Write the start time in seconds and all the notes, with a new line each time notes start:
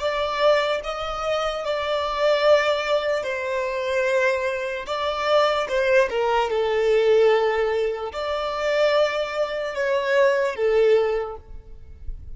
0.00 D5
0.84 D#5
1.65 D5
3.24 C5
4.86 D5
5.69 C5
6.10 A#4
6.50 A4
8.13 D5
9.75 C#5
10.56 A4